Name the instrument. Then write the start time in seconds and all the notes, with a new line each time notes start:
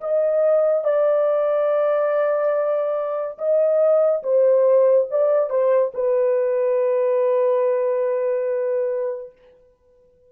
horn
0.00 D#5
0.84 D5
3.38 D#5
4.23 C5
5.10 D5
5.49 C5
5.94 B4